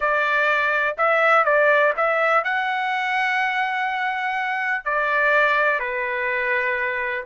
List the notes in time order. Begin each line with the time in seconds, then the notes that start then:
0.00 D5
0.97 E5
1.45 D5
1.96 E5
2.43 F#5
4.85 D5
5.79 B4